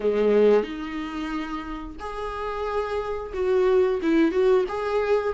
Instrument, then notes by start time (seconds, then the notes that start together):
viola
0.00 G#3
0.63 D#4
1.99 G#4
3.33 F#4
4.02 E4
4.31 F#4
4.68 G#4